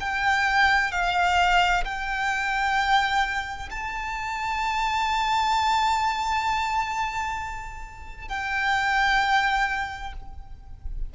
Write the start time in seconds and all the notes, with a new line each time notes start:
0.00 G5
0.92 F5
1.85 G5
3.70 A5
8.29 G5